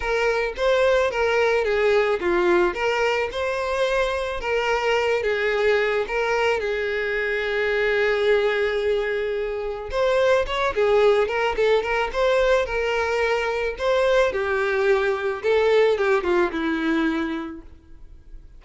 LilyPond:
\new Staff \with { instrumentName = "violin" } { \time 4/4 \tempo 4 = 109 ais'4 c''4 ais'4 gis'4 | f'4 ais'4 c''2 | ais'4. gis'4. ais'4 | gis'1~ |
gis'2 c''4 cis''8 gis'8~ | gis'8 ais'8 a'8 ais'8 c''4 ais'4~ | ais'4 c''4 g'2 | a'4 g'8 f'8 e'2 | }